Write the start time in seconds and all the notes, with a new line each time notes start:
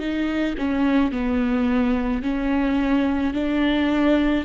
0.00 D#4
0.59 C#4
1.12 B3
2.23 C#4
3.34 D4